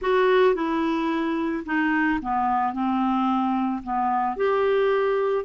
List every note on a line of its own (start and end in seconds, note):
0.01 0.55 F#4
0.55 1.64 E4
1.65 2.20 D#4
2.21 2.73 B3
2.73 3.82 C4
3.83 4.36 B3
4.36 5.44 G4